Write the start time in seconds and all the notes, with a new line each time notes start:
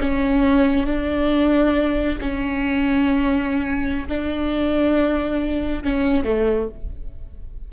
0.00 C#4
0.86 D4
2.21 C#4
4.08 D4
5.84 C#4
6.24 A3